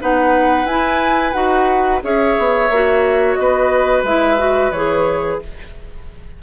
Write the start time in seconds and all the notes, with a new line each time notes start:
0.00 B3 D#4 B4 F#5
0.64 E4 G#5
1.32 D#4 F#4 F#5
2.02 C#4 G#4 C#5 E5
2.38 B3
2.69 A#3 F#4
3.35 B3 B4 D#5
4.03 G#3 E4 E5
4.38 F#4
4.71 E3 G#4 C#5